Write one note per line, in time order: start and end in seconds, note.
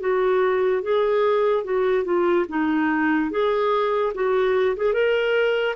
0.00 0.82 F#4
0.83 1.64 G#4
1.64 2.04 F#4
2.04 2.45 F4
2.49 3.31 D#4
3.31 4.13 G#4
4.14 4.76 F#4
4.76 4.93 G#4
4.93 5.75 A#4